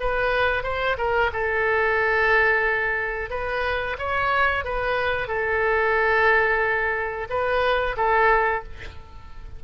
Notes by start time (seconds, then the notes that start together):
0.00 B4
0.63 C5
0.98 A#4
1.33 A4
3.30 B4
3.98 C#5
4.64 B4
5.28 A4
7.29 B4
7.97 A4